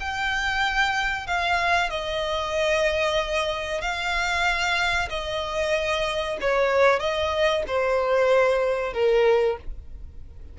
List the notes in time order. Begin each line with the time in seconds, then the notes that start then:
0.00 G5
1.27 F5
1.90 D#5
3.81 F5
5.10 D#5
6.41 C#5
7.00 D#5
7.67 C5
8.93 A#4